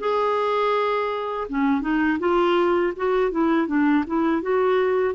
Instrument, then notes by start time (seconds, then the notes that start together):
clarinet
0.00 G#4
1.49 C#4
1.82 D#4
2.20 F4
2.97 F#4
3.32 E4
3.68 D4
4.07 E4
4.43 F#4